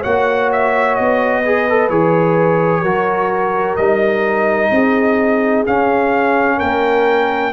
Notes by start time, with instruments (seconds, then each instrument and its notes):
0.00 tuba A#3, trombone F#4, horn C#5, trumpet F#5
0.53 trumpet E5
0.95 tuba B3, trumpet D#5
1.41 trombone G#4, horn B4
1.70 trombone A4
1.90 tuba E3, trombone G#4, trumpet C#5
2.82 tuba F#3, trombone F#4, horn A#4
3.77 tuba G3, trombone D#4, trumpet D#5
4.71 tuba C4, horn G#4
5.67 tuba C#4, trombone C#4, trumpet F5
6.57 tuba A#3, horn A#4, trumpet G5